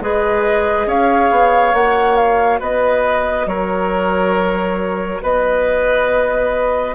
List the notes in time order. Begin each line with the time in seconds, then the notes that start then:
0.00 G#3 G#4 B4 D#5
0.86 C#4 C#5 F5
1.30 B3
1.73 A#3 F#4 F#5
2.16 F5
2.59 B3 B4 D#5
3.46 F#3 A#4 C#5
5.22 B3 B4 D#5